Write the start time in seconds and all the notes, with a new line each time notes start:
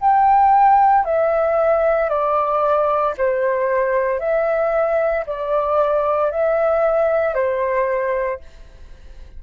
0.00 G5
1.05 E5
2.09 D5
3.17 C5
4.20 E5
5.26 D5
6.31 E5
7.34 C5